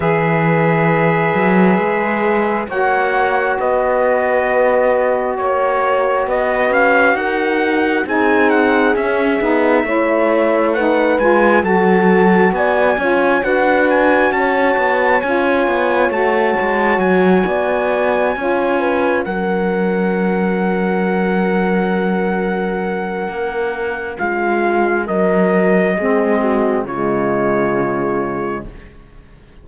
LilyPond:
<<
  \new Staff \with { instrumentName = "trumpet" } { \time 4/4 \tempo 4 = 67 e''2. fis''4 | dis''2 cis''4 dis''8 f''8 | fis''4 gis''8 fis''8 e''2 | fis''8 gis''8 a''4 gis''4 fis''8 gis''8 |
a''4 gis''4 a''4 gis''4~ | gis''4. fis''2~ fis''8~ | fis''2. f''4 | dis''2 cis''2 | }
  \new Staff \with { instrumentName = "horn" } { \time 4/4 b'2. cis''4 | b'2 cis''4 b'4 | ais'4 gis'2 cis''4 | b'4 a'4 d''8 cis''8 b'4 |
cis''2.~ cis''8 d''8~ | d''8 cis''8 b'8 ais'2~ ais'8~ | ais'2. f'4 | ais'4 gis'8 fis'8 f'2 | }
  \new Staff \with { instrumentName = "saxophone" } { \time 4/4 gis'2. fis'4~ | fis'1~ | fis'4 dis'4 cis'8 dis'8 e'4 | dis'8 f'8 fis'4. f'8 fis'4~ |
fis'4 f'4 fis'2~ | fis'8 f'4 cis'2~ cis'8~ | cis'1~ | cis'4 c'4 gis2 | }
  \new Staff \with { instrumentName = "cello" } { \time 4/4 e4. fis8 gis4 ais4 | b2 ais4 b8 cis'8 | dis'4 c'4 cis'8 b8 a4~ | a8 gis8 fis4 b8 cis'8 d'4 |
cis'8 b8 cis'8 b8 a8 gis8 fis8 b8~ | b8 cis'4 fis2~ fis8~ | fis2 ais4 gis4 | fis4 gis4 cis2 | }
>>